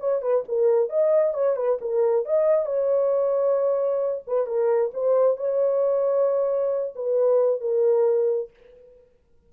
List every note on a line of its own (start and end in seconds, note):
0.00 0.22 C#5
0.22 0.44 B4
0.48 0.90 A#4
0.90 1.34 D#5
1.34 1.56 C#5
1.56 1.78 B4
1.81 2.26 A#4
2.26 2.66 D#5
2.66 4.23 C#5
4.27 4.47 B4
4.47 4.92 A#4
4.94 5.37 C5
5.37 6.94 C#5
6.95 7.61 B4
7.61 8.50 A#4